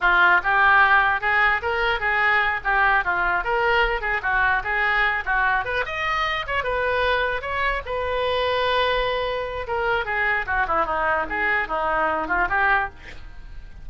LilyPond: \new Staff \with { instrumentName = "oboe" } { \time 4/4 \tempo 4 = 149 f'4 g'2 gis'4 | ais'4 gis'4. g'4 f'8~ | f'8 ais'4. gis'8 fis'4 gis'8~ | gis'4 fis'4 b'8 dis''4. |
cis''8 b'2 cis''4 b'8~ | b'1 | ais'4 gis'4 fis'8 e'8 dis'4 | gis'4 dis'4. f'8 g'4 | }